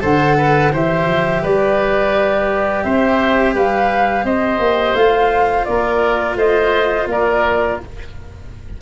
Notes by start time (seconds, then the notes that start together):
0.00 D3 A4 C5 F#5
0.36 B4
0.72 E3 G4 C5 E5
1.06 F3
1.42 G3 B4 D5
2.83 C4 C5 E5
3.54 G3 B4 F5
4.24 C4 C5 D#5
4.58 A#3
4.94 A3 F4 F5
5.64 A#3 A#4 D5
6.35 A3 C5 D#5
7.06 A#3 A#4 D5